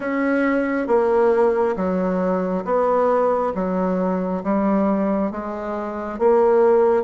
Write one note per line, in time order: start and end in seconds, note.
0.00 0.87 C#4
0.87 1.75 A#3
1.76 2.64 F#3
2.64 3.53 B3
3.55 4.43 F#3
4.43 5.31 G3
5.31 6.18 G#3
6.18 7.03 A#3